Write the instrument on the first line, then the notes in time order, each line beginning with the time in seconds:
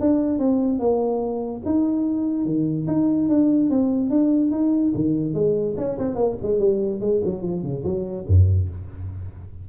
tuba
0.00 D4
0.39 C4
0.80 A#3
1.65 D#4
2.45 D#3
2.88 D#4
3.29 D4
3.70 C4
4.10 D4
4.51 D#4
4.95 D#3
5.34 G#3
5.77 C#4
5.98 C4
6.15 A#3
6.43 G#3
6.59 G3
7.00 G#3
7.24 F#3
7.42 F3
7.63 C#3
7.84 F#3
8.28 F#2